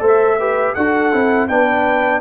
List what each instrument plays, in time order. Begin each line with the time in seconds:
0.00 tuba A3, trombone A4, horn C5
0.07 trumpet E5
0.39 trombone G4, horn B4
0.75 tuba D4, trombone F#4, horn A4, trumpet F#5
1.12 tuba C4, trombone E4
1.48 tuba B3, trombone D4, horn B4, trumpet G5